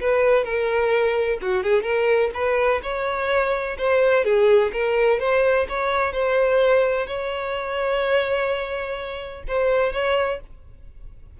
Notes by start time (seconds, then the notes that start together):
0.00 B4
0.44 A#4
1.41 F#4
1.63 G#4
1.83 A#4
2.34 B4
2.83 C#5
3.78 C5
4.24 G#4
4.73 A#4
5.19 C5
5.68 C#5
6.12 C5
7.07 C#5
9.47 C5
9.92 C#5